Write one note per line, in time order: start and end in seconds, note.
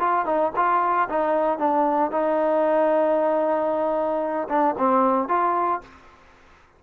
0.00 0.26 F4
0.26 0.52 D#4
0.56 1.09 F4
1.09 1.59 D#4
1.59 2.11 D4
2.11 4.48 D#4
4.49 4.75 D4
4.78 5.29 C4
5.29 5.81 F4